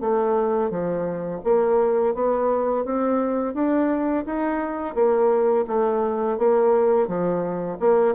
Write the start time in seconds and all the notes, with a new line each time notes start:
0.00 A3
0.70 F3
1.44 A#3
2.14 B3
2.84 C4
3.54 D4
4.25 D#4
4.94 A#3
5.67 A3
6.38 A#3
7.07 F3
7.79 A#3